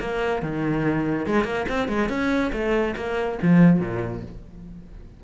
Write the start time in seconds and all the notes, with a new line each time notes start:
0.00 A#3
0.42 D#3
1.26 G#3
1.44 A#3
1.68 C4
1.88 G#3
2.09 C#4
2.53 A3
2.96 A#3
3.42 F3
3.80 A#2